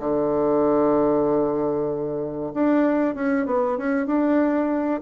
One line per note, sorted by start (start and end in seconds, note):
0.00 2.53 D3
2.54 3.15 D4
3.15 3.46 C#4
3.46 3.78 B3
3.78 4.07 C#4
4.07 5.02 D4